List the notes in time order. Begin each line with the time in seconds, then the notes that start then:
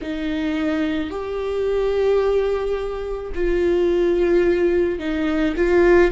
0.01 D#4
1.10 G4
3.34 F4
4.99 D#4
5.56 F4